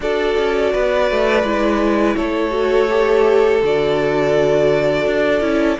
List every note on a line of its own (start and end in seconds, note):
0.00 0.36 D4
0.00 1.45 F#4
0.00 0.73 A4
0.00 2.16 D5
0.37 0.73 C#4
0.73 1.10 B3
0.73 2.16 B4
1.10 1.43 A3
1.43 2.15 G#3
1.43 2.50 E4
2.16 3.61 A3
2.16 5.77 A4
2.16 3.61 C#5
2.50 2.86 F#4
2.89 3.61 G4
3.62 5.05 D3
3.62 5.41 F#4
3.62 5.79 D5
5.05 5.40 D4
5.40 5.76 C#4
5.40 5.77 E4